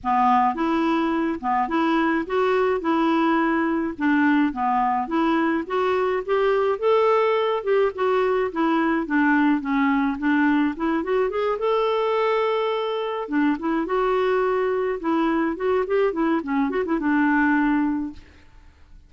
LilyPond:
\new Staff \with { instrumentName = "clarinet" } { \time 4/4 \tempo 4 = 106 b4 e'4. b8 e'4 | fis'4 e'2 d'4 | b4 e'4 fis'4 g'4 | a'4. g'8 fis'4 e'4 |
d'4 cis'4 d'4 e'8 fis'8 | gis'8 a'2. d'8 | e'8 fis'2 e'4 fis'8 | g'8 e'8 cis'8 fis'16 e'16 d'2 | }